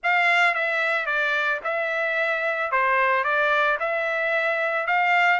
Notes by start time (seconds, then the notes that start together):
0.03 F5
0.54 E5
1.06 D5
1.64 E5
2.71 C5
3.24 D5
3.79 E5
4.86 F5